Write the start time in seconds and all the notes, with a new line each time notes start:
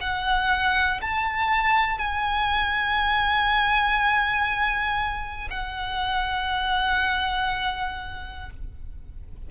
0.00 F#5
1.01 A5
1.98 G#5
5.50 F#5